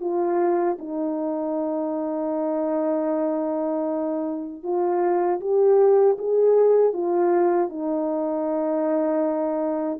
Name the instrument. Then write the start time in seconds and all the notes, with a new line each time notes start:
horn
0.00 F4
0.78 D#4
4.63 F4
5.40 G4
6.18 G#4
6.93 F4
7.69 D#4